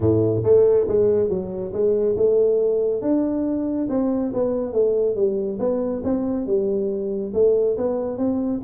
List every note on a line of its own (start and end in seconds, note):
0.00 0.43 A2
0.43 0.86 A3
0.87 1.29 G#3
1.29 1.72 F#3
1.73 2.16 G#3
2.16 3.01 A3
3.01 3.88 D4
3.89 4.32 C4
4.33 4.72 B3
4.72 5.15 A3
5.15 5.58 G3
5.59 6.02 B3
6.03 6.46 C4
6.46 7.32 G3
7.33 7.76 A3
7.77 8.17 B3
8.17 8.61 C4